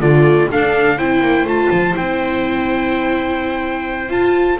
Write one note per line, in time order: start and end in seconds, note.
0.00 0.48 D3
0.00 0.51 A3
0.00 0.48 F4
0.00 0.48 D5
0.51 0.98 D4
0.51 0.97 A4
0.51 0.98 F5
0.97 1.20 C4
0.97 1.46 E4
0.97 4.57 C5
0.97 1.46 G5
1.20 1.44 A#3
1.44 1.68 A3
1.44 1.93 F4
1.44 1.96 A5
1.71 1.95 F3
1.93 4.08 C4
1.93 4.09 E4
1.93 4.11 G5
4.08 4.56 F4
4.08 4.57 F4
4.08 4.59 A5